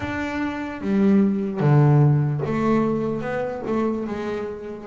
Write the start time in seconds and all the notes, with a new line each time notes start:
0.00 D4
0.81 G3
1.60 D3
2.45 A3
3.21 B3
3.66 A3
4.07 G#3